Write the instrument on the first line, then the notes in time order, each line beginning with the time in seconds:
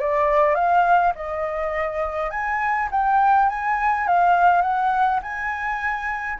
flute
0.00 D5
0.55 F5
1.15 D#5
2.31 G#5
2.91 G5
3.49 G#5
4.07 F5
4.62 F#5
5.22 G#5